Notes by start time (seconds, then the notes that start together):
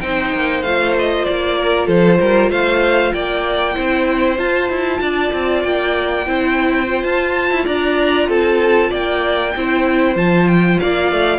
0.00 C4 D#4 C5 G5
0.34 A#3
0.63 A3 F4 F5
0.99 D#5
1.25 A#3 D5
1.58 A#4
1.86 F3 A4 C5
2.20 G3 A#4
2.50 A3 C5 F5
3.13 A#3 D5 G5
3.74 C4 E4 C5
4.38 F4 A5
4.69 E4
5.01 D4 D5
5.33 C4
5.63 A#3 G5
6.26 C4 E4 C5
6.86 F4
7.03 F4 A5
7.50 E4
7.65 D4 D5 A#5
8.29 C4 A4 A5
8.90 A#3 D5 G5
9.56 C4 E4 C5
10.15 F3 F4 A5
10.48 G5
10.79 A#3 D5 F5
11.12 A3